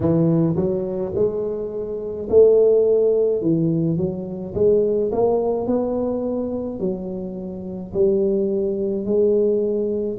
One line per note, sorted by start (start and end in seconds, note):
0.00 0.55 E3
0.56 1.12 F#3
1.15 2.28 G#3
2.30 3.41 A3
3.41 3.97 E3
3.97 4.53 F#3
4.54 5.10 G#3
5.12 5.66 A#3
5.66 6.79 B3
6.79 7.92 F#3
7.93 9.05 G3
9.05 10.18 G#3